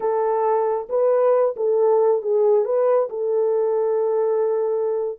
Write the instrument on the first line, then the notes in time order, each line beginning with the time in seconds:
horn
0.00 A4
0.89 B4
1.56 A4
2.22 G#4
2.64 B4
3.09 A4